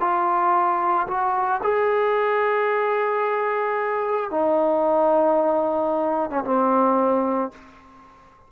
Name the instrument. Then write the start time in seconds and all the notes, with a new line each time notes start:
trombone
0.00 F4
1.07 F#4
1.63 G#4
4.31 D#4
6.30 C#4
6.44 C4